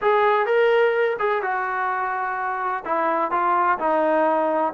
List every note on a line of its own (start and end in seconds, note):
0.01 0.46 G#4
0.46 1.17 A#4
1.19 1.42 G#4
1.42 2.83 F#4
2.85 3.31 E4
3.31 3.78 F4
3.78 4.73 D#4